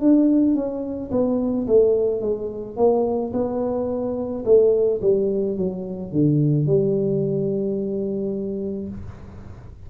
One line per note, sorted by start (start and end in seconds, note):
0.00 0.55 D4
0.55 1.11 C#4
1.11 1.67 B3
1.67 2.21 A3
2.21 2.76 G#3
2.76 3.32 A#3
3.33 4.44 B3
4.45 5.01 A3
5.02 5.57 G3
5.57 6.12 F#3
6.12 6.67 D3
6.67 8.89 G3